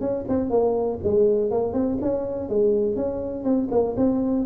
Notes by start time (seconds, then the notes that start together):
0.00 C#4
0.28 C4
0.50 A#3
1.04 G#3
1.51 A#3
1.73 C4
2.01 C#4
2.49 G#3
2.96 C#4
3.44 C4
3.71 A#3
3.97 C4